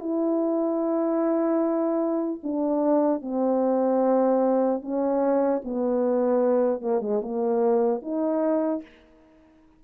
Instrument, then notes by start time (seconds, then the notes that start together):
horn
0.00 E4
2.43 D4
3.22 C4
4.82 C#4
5.65 B3
6.81 A#3
7.01 G#3
7.22 A#3
8.02 D#4